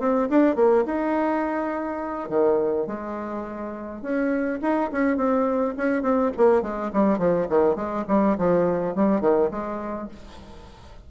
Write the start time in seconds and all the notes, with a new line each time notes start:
0.00 C4
0.30 D4
0.56 A#3
0.86 D#4
2.29 D#3
2.87 G#3
4.02 C#4
4.62 D#4
4.92 C#4
5.17 C4
5.77 C#4
6.03 C4
6.37 A#3
6.62 G#3
6.93 G3
7.19 F3
7.49 D#3
7.76 G#3
8.08 G3
8.38 F3
8.96 G3
9.21 D#3
9.51 G#3